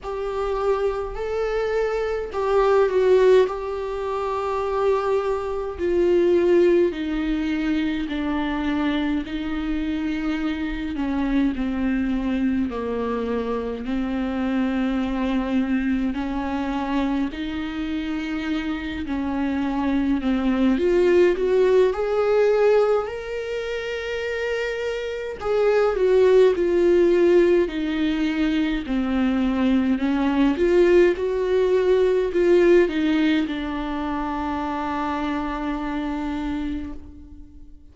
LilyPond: \new Staff \with { instrumentName = "viola" } { \time 4/4 \tempo 4 = 52 g'4 a'4 g'8 fis'8 g'4~ | g'4 f'4 dis'4 d'4 | dis'4. cis'8 c'4 ais4 | c'2 cis'4 dis'4~ |
dis'8 cis'4 c'8 f'8 fis'8 gis'4 | ais'2 gis'8 fis'8 f'4 | dis'4 c'4 cis'8 f'8 fis'4 | f'8 dis'8 d'2. | }